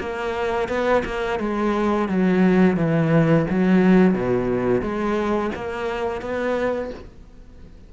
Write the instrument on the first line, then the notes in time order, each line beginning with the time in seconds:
cello
0.00 A#3
0.68 B3
1.05 A#3
1.39 G#3
2.08 F#3
2.77 E3
3.50 F#3
4.14 B2
4.82 G#3
5.55 A#3
6.21 B3